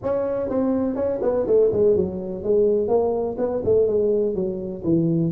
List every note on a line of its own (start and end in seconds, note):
0.02 0.49 C#4
0.49 0.95 C4
0.95 1.19 C#4
1.22 1.46 B3
1.46 1.71 A3
1.72 1.96 G#3
1.96 2.43 F#3
2.43 2.88 G#3
2.88 3.36 A#3
3.38 3.62 B3
3.64 3.87 A3
3.87 4.34 G#3
4.34 4.83 F#3
4.84 5.32 E3